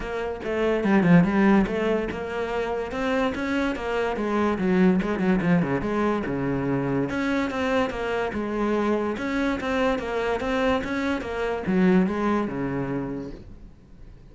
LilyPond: \new Staff \with { instrumentName = "cello" } { \time 4/4 \tempo 4 = 144 ais4 a4 g8 f8 g4 | a4 ais2 c'4 | cis'4 ais4 gis4 fis4 | gis8 fis8 f8 cis8 gis4 cis4~ |
cis4 cis'4 c'4 ais4 | gis2 cis'4 c'4 | ais4 c'4 cis'4 ais4 | fis4 gis4 cis2 | }